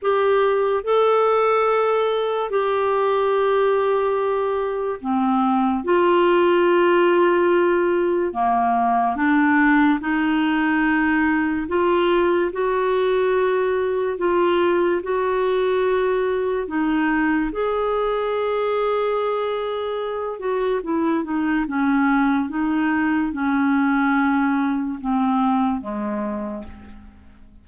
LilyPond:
\new Staff \with { instrumentName = "clarinet" } { \time 4/4 \tempo 4 = 72 g'4 a'2 g'4~ | g'2 c'4 f'4~ | f'2 ais4 d'4 | dis'2 f'4 fis'4~ |
fis'4 f'4 fis'2 | dis'4 gis'2.~ | gis'8 fis'8 e'8 dis'8 cis'4 dis'4 | cis'2 c'4 gis4 | }